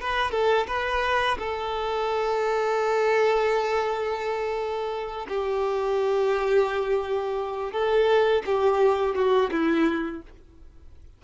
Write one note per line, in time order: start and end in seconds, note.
0.00 0.31 B4
0.31 0.66 A4
0.67 1.37 B4
1.38 5.27 A4
5.28 7.72 G4
7.72 8.43 A4
8.45 9.15 G4
9.15 9.50 F#4
9.51 10.22 E4